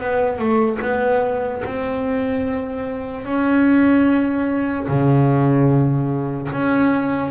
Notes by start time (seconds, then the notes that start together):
0.00 B3
0.39 A3
0.82 B3
1.65 C4
3.25 C#4
4.88 C#3
6.53 C#4